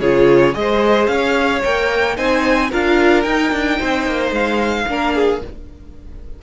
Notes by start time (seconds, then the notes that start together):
0.00 C#3 F4 G#4 C#5
0.54 G#3 G#4 D#5
0.60 C5
1.07 C#4 C#5 F5
1.64 A#3 A#4 G5
2.16 C4 D#4 C5 G#5
2.71 D4 F4 A#4 F5
3.23 D#4 G5
3.52 D4
3.78 C4 C5
4.07 A#3
4.31 G#3 F5
4.88 A#3 D4 A#4
5.15 G#4